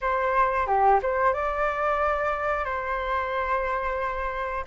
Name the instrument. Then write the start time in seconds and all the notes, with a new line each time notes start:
flute
0.01 C5
0.66 G4
1.02 C5
1.33 D5
2.65 C5